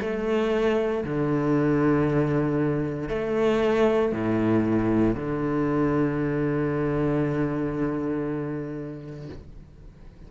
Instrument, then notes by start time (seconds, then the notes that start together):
cello
0.00 A3
1.04 D3
3.09 A3
4.12 A2
5.15 D3